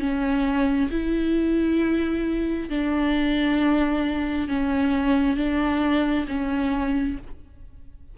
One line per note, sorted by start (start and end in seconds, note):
0.00 0.90 C#4
0.91 2.69 E4
2.69 4.48 D4
4.48 5.36 C#4
5.36 6.26 D4
6.28 7.17 C#4